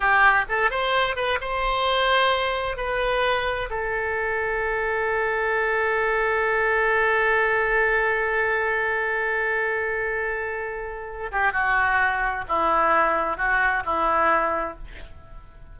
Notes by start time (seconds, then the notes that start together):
0.00 G4
0.48 A4
0.70 C5
1.15 B4
1.41 C5
2.77 B4
3.69 A4
11.31 G4
11.52 F#4
12.48 E4
13.37 F#4
13.85 E4